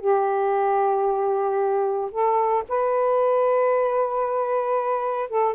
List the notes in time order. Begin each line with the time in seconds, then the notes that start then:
0.00 G4
2.11 A4
2.68 B4
5.29 A4